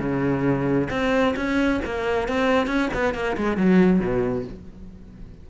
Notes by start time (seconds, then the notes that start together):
0.00 C#3
0.91 C4
1.36 C#4
1.85 A#3
2.29 C4
2.67 C#4
2.94 B3
3.15 A#3
3.37 G#3
3.57 F#3
4.00 B2